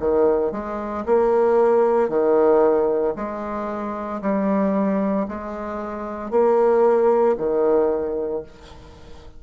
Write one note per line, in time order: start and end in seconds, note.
0.00 0.52 D#3
0.52 1.05 G#3
1.06 2.09 A#3
2.09 3.14 D#3
3.16 4.21 G#3
4.22 5.27 G3
5.29 6.31 G#3
6.31 7.36 A#3
7.38 8.43 D#3